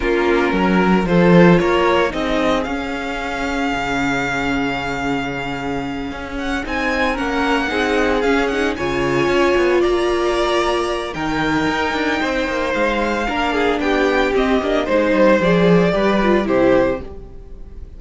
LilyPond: <<
  \new Staff \with { instrumentName = "violin" } { \time 4/4 \tempo 4 = 113 ais'2 c''4 cis''4 | dis''4 f''2.~ | f''1 | fis''8 gis''4 fis''2 f''8 |
fis''8 gis''2 ais''4.~ | ais''4 g''2. | f''2 g''4 dis''4 | c''4 d''2 c''4 | }
  \new Staff \with { instrumentName = "violin" } { \time 4/4 f'4 ais'4 a'4 ais'4 | gis'1~ | gis'1~ | gis'4. ais'4 gis'4.~ |
gis'8 cis''2 d''4.~ | d''4 ais'2 c''4~ | c''4 ais'8 gis'8 g'2 | c''2 b'4 g'4 | }
  \new Staff \with { instrumentName = "viola" } { \time 4/4 cis'2 f'2 | dis'4 cis'2.~ | cis'1~ | cis'8 dis'4 cis'4 dis'4 cis'8 |
dis'8 f'2.~ f'8~ | f'4 dis'2.~ | dis'4 d'2 c'8 d'8 | dis'4 gis'4 g'8 f'8 e'4 | }
  \new Staff \with { instrumentName = "cello" } { \time 4/4 ais4 fis4 f4 ais4 | c'4 cis'2 cis4~ | cis2.~ cis8 cis'8~ | cis'8 c'4 ais4 c'4 cis'8~ |
cis'8 cis4 cis'8 b8 ais4.~ | ais4 dis4 dis'8 d'8 c'8 ais8 | gis4 ais4 b4 c'8 ais8 | gis8 g8 f4 g4 c4 | }
>>